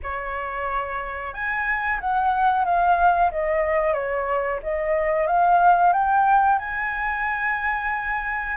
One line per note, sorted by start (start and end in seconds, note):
0.02 1.33 C#5
1.33 1.99 G#5
2.00 2.65 F#5
2.65 3.31 F5
3.31 3.93 D#5
3.93 4.59 C#5
4.62 5.26 D#5
5.26 5.92 F5
5.93 6.58 G5
6.58 8.56 G#5